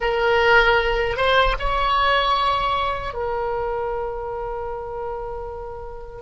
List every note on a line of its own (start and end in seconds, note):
0.00 1.16 A#4
1.16 1.55 C5
1.59 3.13 C#5
3.13 6.22 A#4